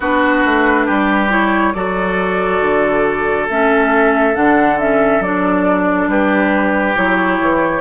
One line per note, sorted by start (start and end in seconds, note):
0.00 0.44 B3
0.00 1.29 D4
0.00 0.86 F#4
0.00 1.32 B4
0.45 0.88 A3
0.86 1.74 G3
0.86 1.73 G4
1.29 1.73 E4
1.29 1.73 C#5
1.73 2.60 F#3
1.73 3.49 F#4
1.73 6.09 A4
1.73 3.47 D5
2.60 3.47 D3
3.49 4.36 A3
3.49 4.34 C#4
3.49 4.35 E5
4.34 5.19 D3
4.34 4.77 D4
4.34 4.78 F#5
4.79 5.22 C#4
4.79 5.22 E5
5.19 6.06 F#3
5.19 6.95 D4
5.19 6.09 D5
6.07 6.94 G3
6.07 7.80 G4
6.07 6.96 B4
6.95 7.40 F#3
6.95 7.80 E4
6.95 7.80 C#5
7.40 7.80 E3